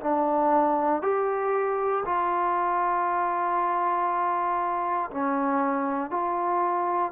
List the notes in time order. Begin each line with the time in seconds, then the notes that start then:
0.00 D4
1.02 G4
2.05 F4
5.10 C#4
6.10 F4